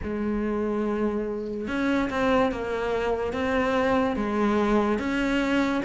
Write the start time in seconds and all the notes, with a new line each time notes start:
0.03 G#3
1.67 C#4
2.10 C4
2.52 A#3
3.32 C4
4.16 G#3
4.98 C#4